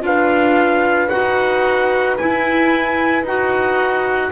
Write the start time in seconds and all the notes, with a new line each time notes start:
0.00 D4 F4 B4 F5
1.08 D#4 F#4 F#5
2.17 E4 G#5
3.23 D#4 F#4 F#5